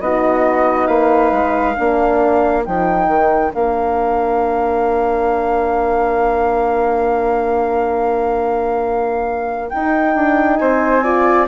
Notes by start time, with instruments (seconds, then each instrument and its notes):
0.00 bassoon B3, horn D#4, flute F#4 D#5
0.86 bassoon A#3, flute B4 F5
1.31 bassoon G#3
1.74 bassoon A#3, horn D4, flute A#4
2.65 bassoon F3, horn D#4, flute G5
3.07 bassoon D#3
3.51 bassoon A#3, horn D4, flute F5
9.69 bassoon D#4, horn D#4, flute G5
10.15 bassoon D4
10.56 bassoon C4, flute C5 G#5
11.03 horn F4, flute D5